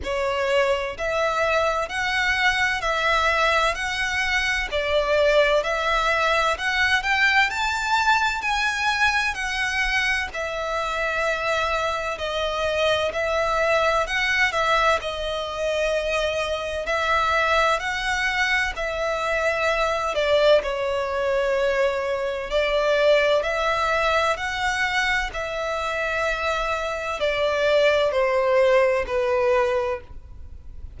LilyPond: \new Staff \with { instrumentName = "violin" } { \time 4/4 \tempo 4 = 64 cis''4 e''4 fis''4 e''4 | fis''4 d''4 e''4 fis''8 g''8 | a''4 gis''4 fis''4 e''4~ | e''4 dis''4 e''4 fis''8 e''8 |
dis''2 e''4 fis''4 | e''4. d''8 cis''2 | d''4 e''4 fis''4 e''4~ | e''4 d''4 c''4 b'4 | }